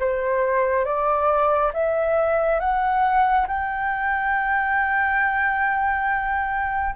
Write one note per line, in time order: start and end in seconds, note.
0.00 0.85 C5
0.85 1.72 D5
1.74 2.60 E5
2.60 3.47 F#5
3.48 6.96 G5